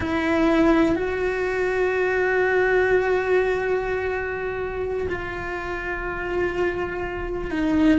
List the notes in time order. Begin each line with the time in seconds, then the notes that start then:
0.00 E4
0.95 F#4
5.09 F4
7.50 D#4